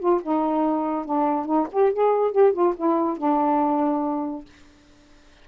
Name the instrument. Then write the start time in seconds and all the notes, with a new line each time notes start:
saxophone
0.00 F4
0.23 D#4
1.06 D4
1.46 D#4
1.72 G4
1.93 G#4
2.32 G4
2.53 F4
2.77 E4
3.18 D4